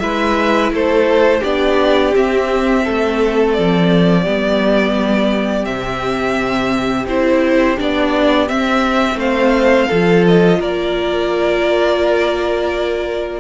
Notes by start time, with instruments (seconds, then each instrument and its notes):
0.00 cello G#3, viola E4, violin B4 E5
0.72 cello A3, violin A4 C5
1.41 cello B3, viola D4, violin G4 D5
2.14 viola C4, cello C4, violin E5
2.85 cello A3, violin A4
3.54 cello F3, violin D5
4.22 cello G3, viola B3, violin G4
5.65 cello C3, viola C4, violin E5
7.06 cello C4, viola E4, violin C5
7.78 cello B3, viola D4, violin D5
8.49 viola C4, cello C4, violin E5
9.16 cello A3, violin C5 F5
9.88 cello F3, viola F4, violin A4
10.27 violin D#5
10.60 cello A#3, violin A#4 D5